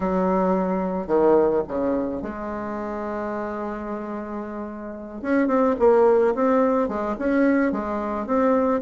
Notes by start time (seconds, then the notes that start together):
0.00 F#3
1.07 D#3
1.68 C#3
2.22 G#3
5.22 C#4
5.47 C4
5.79 A#3
6.34 C4
6.88 G#3
7.18 C#4
7.72 G#3
8.26 C4